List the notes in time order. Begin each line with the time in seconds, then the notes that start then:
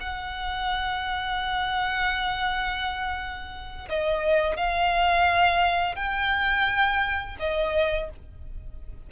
0.00 F#5
3.89 D#5
4.56 F5
5.95 G5
7.39 D#5